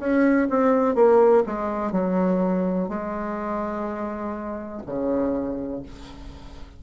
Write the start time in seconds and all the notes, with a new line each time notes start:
0.00 C#4
0.50 C4
0.95 A#3
1.47 G#3
1.92 F#3
2.89 G#3
4.87 C#3